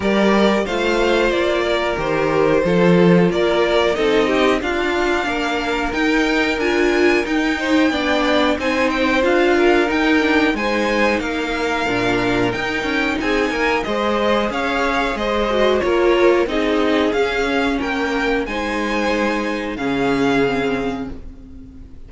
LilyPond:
<<
  \new Staff \with { instrumentName = "violin" } { \time 4/4 \tempo 4 = 91 d''4 f''4 d''4 c''4~ | c''4 d''4 dis''4 f''4~ | f''4 g''4 gis''4 g''4~ | g''4 gis''8 g''8 f''4 g''4 |
gis''4 f''2 g''4 | gis''4 dis''4 f''4 dis''4 | cis''4 dis''4 f''4 g''4 | gis''2 f''2 | }
  \new Staff \with { instrumentName = "violin" } { \time 4/4 ais'4 c''4. ais'4. | a'4 ais'4 a'8 g'8 f'4 | ais'2.~ ais'8 c''8 | d''4 c''4. ais'4. |
c''4 ais'2. | gis'8 ais'8 c''4 cis''4 c''4 | ais'4 gis'2 ais'4 | c''2 gis'2 | }
  \new Staff \with { instrumentName = "viola" } { \time 4/4 g'4 f'2 g'4 | f'2 dis'4 d'4~ | d'4 dis'4 f'4 dis'4 | d'4 dis'4 f'4 dis'8 d'8 |
dis'2 d'4 dis'4~ | dis'4 gis'2~ gis'8 fis'8 | f'4 dis'4 cis'2 | dis'2 cis'4 c'4 | }
  \new Staff \with { instrumentName = "cello" } { \time 4/4 g4 a4 ais4 dis4 | f4 ais4 c'4 d'4 | ais4 dis'4 d'4 dis'4 | b4 c'4 d'4 dis'4 |
gis4 ais4 ais,4 dis'8 cis'8 | c'8 ais8 gis4 cis'4 gis4 | ais4 c'4 cis'4 ais4 | gis2 cis2 | }
>>